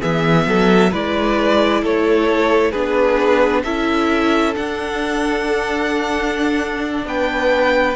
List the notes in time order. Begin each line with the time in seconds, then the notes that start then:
0.00 E3 B3 G#4 E5
0.47 F#3 A4
0.91 G#3 E4 B4 D5
1.83 A3 A4 C#5
2.72 B3 D4 G#4 B4
3.64 C#4 E4 A4 E5
4.55 D4 F#5
7.05 B3 B4 G5